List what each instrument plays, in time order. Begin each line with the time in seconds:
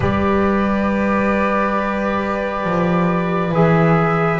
0.00 double bass G3, trombone G4, violin B4, flute D5
2.64 double bass F3
3.51 double bass E3, trombone G#4, flute E5